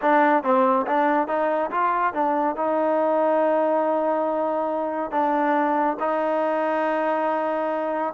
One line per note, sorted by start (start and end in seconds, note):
0.01 0.43 D4
0.43 0.86 C4
0.86 1.27 D4
1.27 1.70 D#4
1.70 2.13 F4
2.13 2.56 D4
2.56 5.11 D#4
5.11 5.96 D4
5.99 8.14 D#4